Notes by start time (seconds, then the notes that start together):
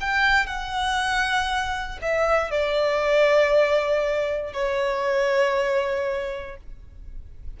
0.00 G5
0.46 F#5
2.01 E5
2.51 D5
4.53 C#5